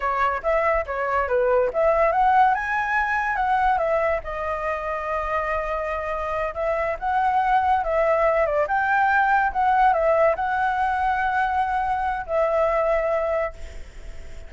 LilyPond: \new Staff \with { instrumentName = "flute" } { \time 4/4 \tempo 4 = 142 cis''4 e''4 cis''4 b'4 | e''4 fis''4 gis''2 | fis''4 e''4 dis''2~ | dis''2.~ dis''8 e''8~ |
e''8 fis''2 e''4. | d''8 g''2 fis''4 e''8~ | e''8 fis''2.~ fis''8~ | fis''4 e''2. | }